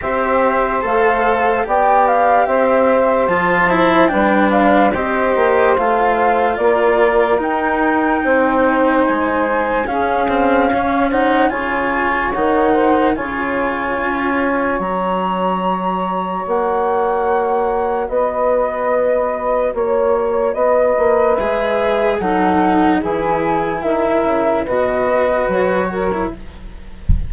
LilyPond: <<
  \new Staff \with { instrumentName = "flute" } { \time 4/4 \tempo 4 = 73 e''4 f''4 g''8 f''8 e''4 | a''4 g''8 f''8 dis''4 f''4 | d''4 g''2 gis''4 | f''4. fis''8 gis''4 fis''4 |
gis''2 ais''2 | fis''2 dis''2 | cis''4 dis''4 e''4 fis''4 | gis''4 e''4 dis''4 cis''4 | }
  \new Staff \with { instrumentName = "saxophone" } { \time 4/4 c''2 d''4 c''4~ | c''4 b'4 c''2 | ais'2 c''2 | gis'4 cis''8 c''8 cis''4. c''8 |
cis''1~ | cis''2 b'2 | cis''4 b'2 a'4 | gis'4 ais'4 b'4. ais'8 | }
  \new Staff \with { instrumentName = "cello" } { \time 4/4 g'4 a'4 g'2 | f'8 e'8 d'4 g'4 f'4~ | f'4 dis'2. | cis'8 c'8 cis'8 dis'8 f'4 dis'4 |
f'2 fis'2~ | fis'1~ | fis'2 gis'4 dis'4 | e'2 fis'4.~ fis'16 e'16 | }
  \new Staff \with { instrumentName = "bassoon" } { \time 4/4 c'4 a4 b4 c'4 | f4 g4 c'8 ais8 a4 | ais4 dis'4 c'4 gis4 | cis'2 cis4 dis4 |
cis4 cis'4 fis2 | ais2 b2 | ais4 b8 ais8 gis4 fis4 | e4 dis8 cis8 b,4 fis4 | }
>>